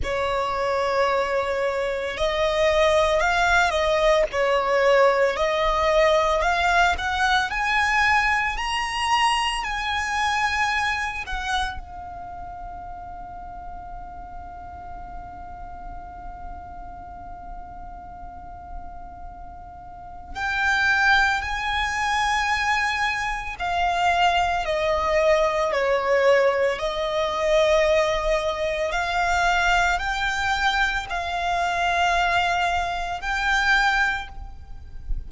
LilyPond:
\new Staff \with { instrumentName = "violin" } { \time 4/4 \tempo 4 = 56 cis''2 dis''4 f''8 dis''8 | cis''4 dis''4 f''8 fis''8 gis''4 | ais''4 gis''4. fis''8 f''4~ | f''1~ |
f''2. g''4 | gis''2 f''4 dis''4 | cis''4 dis''2 f''4 | g''4 f''2 g''4 | }